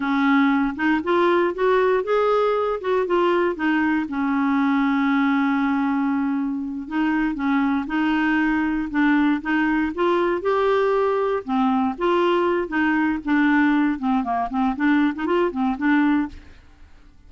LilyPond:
\new Staff \with { instrumentName = "clarinet" } { \time 4/4 \tempo 4 = 118 cis'4. dis'8 f'4 fis'4 | gis'4. fis'8 f'4 dis'4 | cis'1~ | cis'4. dis'4 cis'4 dis'8~ |
dis'4. d'4 dis'4 f'8~ | f'8 g'2 c'4 f'8~ | f'4 dis'4 d'4. c'8 | ais8 c'8 d'8. dis'16 f'8 c'8 d'4 | }